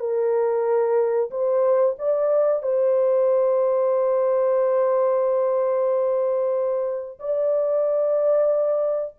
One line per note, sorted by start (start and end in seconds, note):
0.00 1.30 A#4
1.31 1.96 C5
1.99 2.63 D5
2.63 7.19 C5
7.20 9.15 D5